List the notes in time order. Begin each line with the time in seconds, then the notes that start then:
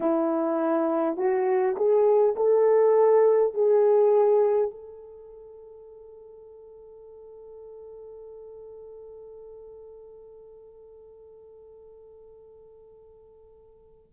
0.00 E4
1.17 F#4
1.76 G#4
2.36 A4
3.53 G#4
4.71 A4